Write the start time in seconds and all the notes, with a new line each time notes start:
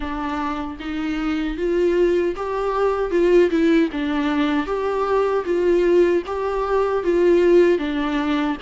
0.00 D4
0.79 D#4
1.57 F4
2.36 G4
3.11 F4
3.50 E4
3.92 D4
4.66 G4
5.44 F4
6.26 G4
7.03 F4
7.78 D4